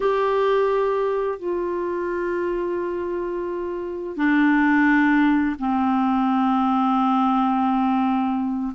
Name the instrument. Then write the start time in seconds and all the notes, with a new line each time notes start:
clarinet
0.00 G4
1.38 F4
4.16 D4
5.59 C4